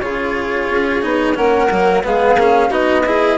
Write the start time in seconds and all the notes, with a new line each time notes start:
0.00 C#3 F4 G#4 C#5
0.70 C#4
1.01 B3 D#4
1.35 A#3 C#4 A#4 F#5
1.71 F#3 A#3
2.03 G#3 B3 G#4 F5
2.35 A#3 C#4
2.70 B3 D#4 F#4 D#5
3.06 E4 G#4